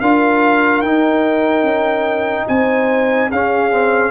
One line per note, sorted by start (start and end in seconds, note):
0.00 0.81 D4
0.00 0.84 F4
0.00 2.47 A#4
0.00 0.80 F5
0.80 1.63 D#4
0.80 3.30 D#4
0.80 2.45 G5
1.63 2.45 C#4
2.47 3.30 C4
2.47 3.30 C5
2.47 3.30 G#5
3.30 4.11 C#4
3.30 3.70 C#4
3.30 4.11 G#4
3.30 4.11 F5
3.70 4.11 C4